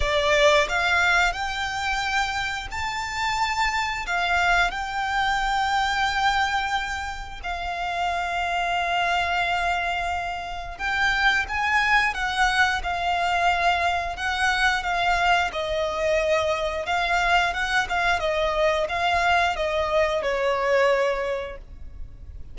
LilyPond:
\new Staff \with { instrumentName = "violin" } { \time 4/4 \tempo 4 = 89 d''4 f''4 g''2 | a''2 f''4 g''4~ | g''2. f''4~ | f''1 |
g''4 gis''4 fis''4 f''4~ | f''4 fis''4 f''4 dis''4~ | dis''4 f''4 fis''8 f''8 dis''4 | f''4 dis''4 cis''2 | }